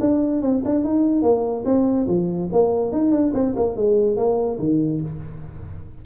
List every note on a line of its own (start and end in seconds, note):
0.00 0.42 D4
0.42 0.63 C4
0.65 0.84 D4
0.84 1.22 D#4
1.22 1.64 A#3
1.65 2.07 C4
2.07 2.49 F3
2.52 2.92 A#3
2.92 3.11 D#4
3.11 3.32 D4
3.33 3.54 C4
3.56 3.76 A#3
3.76 4.16 G#3
4.16 4.58 A#3
4.59 5.01 D#3